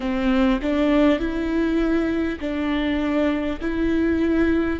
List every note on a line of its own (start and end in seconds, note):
0.00 0.59 C4
0.62 1.19 D4
1.19 2.39 E4
2.39 3.59 D4
3.60 4.79 E4